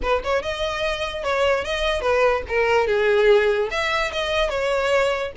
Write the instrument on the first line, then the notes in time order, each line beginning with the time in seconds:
violin
0.02 B4
0.24 C#5
0.42 D#5
1.23 C#5
1.64 D#5
2.01 B4
2.48 A#4
2.87 G#4
3.70 E5
4.12 D#5
4.49 C#5